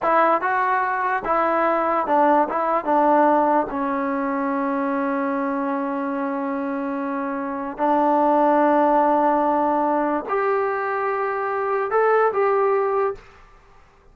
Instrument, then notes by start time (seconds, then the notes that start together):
trombone
0.02 E4
0.41 F#4
1.24 E4
2.06 D4
2.48 E4
2.84 D4
3.70 C#4
7.77 D4
10.29 G4
11.90 A4
12.32 G4